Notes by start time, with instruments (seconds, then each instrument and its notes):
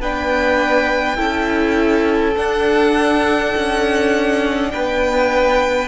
0.00 cello B3, viola D4, violin B4 G5
1.16 cello C#4, viola E4, violin A4
2.36 viola D4, cello D4, violin F#5
3.56 cello C#4
4.71 cello B3, violin B4 G5